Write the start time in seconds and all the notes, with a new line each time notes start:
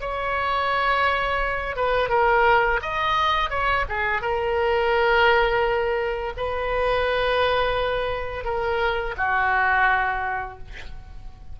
0.00 C#5
1.76 B4
2.09 A#4
2.82 D#5
3.49 C#5
3.88 G#4
4.21 A#4
6.37 B4
8.44 A#4
9.17 F#4